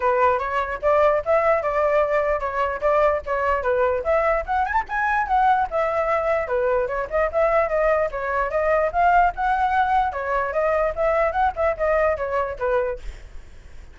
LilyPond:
\new Staff \with { instrumentName = "flute" } { \time 4/4 \tempo 4 = 148 b'4 cis''4 d''4 e''4 | d''2 cis''4 d''4 | cis''4 b'4 e''4 fis''8 gis''16 a''16 | gis''4 fis''4 e''2 |
b'4 cis''8 dis''8 e''4 dis''4 | cis''4 dis''4 f''4 fis''4~ | fis''4 cis''4 dis''4 e''4 | fis''8 e''8 dis''4 cis''4 b'4 | }